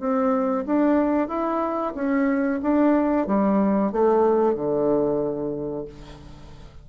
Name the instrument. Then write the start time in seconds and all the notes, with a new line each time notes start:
bassoon
0.00 C4
0.66 D4
1.29 E4
1.95 C#4
2.63 D4
3.27 G3
3.92 A3
4.55 D3